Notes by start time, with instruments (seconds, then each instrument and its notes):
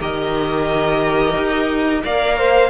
0.00 cello D#3, viola G4, violin A#4 D#5
1.36 cello D#4
2.04 cello A#3, viola A#4, violin D5 F5
2.37 violin C5